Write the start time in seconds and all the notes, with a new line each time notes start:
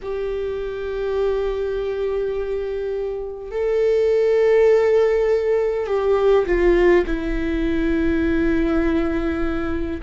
0.02 G4
3.51 A4
5.87 G4
6.45 F4
7.06 E4